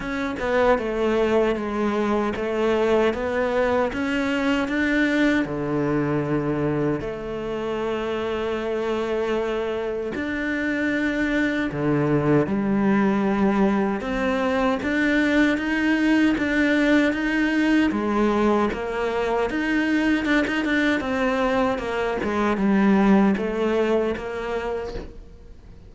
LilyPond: \new Staff \with { instrumentName = "cello" } { \time 4/4 \tempo 4 = 77 cis'8 b8 a4 gis4 a4 | b4 cis'4 d'4 d4~ | d4 a2.~ | a4 d'2 d4 |
g2 c'4 d'4 | dis'4 d'4 dis'4 gis4 | ais4 dis'4 d'16 dis'16 d'8 c'4 | ais8 gis8 g4 a4 ais4 | }